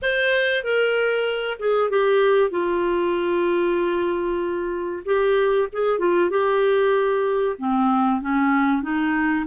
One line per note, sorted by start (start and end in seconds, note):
0.01 0.63 C5
0.63 1.58 A#4
1.59 1.89 G#4
1.89 2.50 G4
2.50 5.03 F4
5.05 5.68 G4
5.72 5.98 G#4
5.98 6.30 F4
6.30 7.56 G4
7.58 8.21 C4
8.21 8.82 C#4
8.82 9.45 D#4